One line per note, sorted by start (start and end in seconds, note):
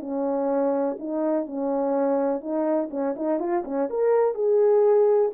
0.00 0.97 C#4
0.99 1.46 D#4
1.46 2.40 C#4
2.40 2.89 D#4
2.90 3.15 C#4
3.16 3.39 D#4
3.39 3.63 F4
3.64 3.89 C#4
3.90 4.34 A#4
4.34 5.31 G#4